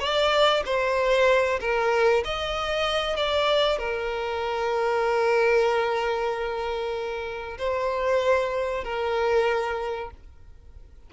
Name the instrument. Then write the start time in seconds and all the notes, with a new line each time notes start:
violin
0.00 D5
0.65 C5
1.60 A#4
2.24 D#5
3.16 D5
3.78 A#4
7.58 C5
8.84 A#4